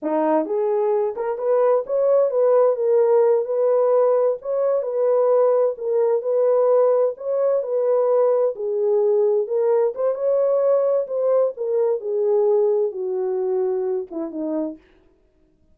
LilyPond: \new Staff \with { instrumentName = "horn" } { \time 4/4 \tempo 4 = 130 dis'4 gis'4. ais'8 b'4 | cis''4 b'4 ais'4. b'8~ | b'4. cis''4 b'4.~ | b'8 ais'4 b'2 cis''8~ |
cis''8 b'2 gis'4.~ | gis'8 ais'4 c''8 cis''2 | c''4 ais'4 gis'2 | fis'2~ fis'8 e'8 dis'4 | }